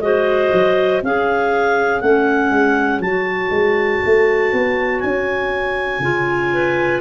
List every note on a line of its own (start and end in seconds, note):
0.00 0.50 G#3
0.00 1.02 F#4
0.00 1.03 C5
0.00 1.01 D#5
0.53 1.03 F#3
1.03 2.02 C#4
1.03 2.03 G#4
1.03 6.53 C#5
1.03 2.00 F5
2.00 2.51 A3
2.00 3.03 C#4
2.00 3.00 F#5
2.51 2.99 G#3
2.99 3.49 F#3
2.99 6.02 F#4
2.99 5.00 A5
3.50 4.00 G#3
4.05 4.53 A3
4.53 5.03 B3
5.00 5.99 C#4
5.00 7.00 G#5
5.99 6.99 C#3
5.99 7.01 F4
6.53 7.01 B4